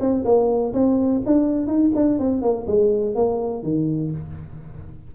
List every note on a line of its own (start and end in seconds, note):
0.00 0.24 C4
0.25 0.73 A#3
0.73 1.22 C4
1.26 1.67 D4
1.67 1.91 D#4
1.95 2.19 D4
2.19 2.42 C4
2.42 2.66 A#3
2.67 3.15 G#3
3.15 3.63 A#3
3.63 4.11 D#3